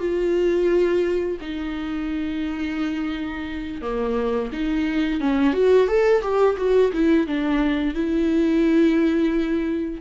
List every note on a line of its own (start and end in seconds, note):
0.00 1.38 F4
1.41 3.82 D#4
3.82 4.51 A#3
4.53 5.21 D#4
5.21 5.54 C#4
5.54 5.88 F#4
5.88 6.22 A4
6.22 6.57 G4
6.57 6.92 F#4
6.93 7.27 E4
7.27 7.95 D4
7.95 10.01 E4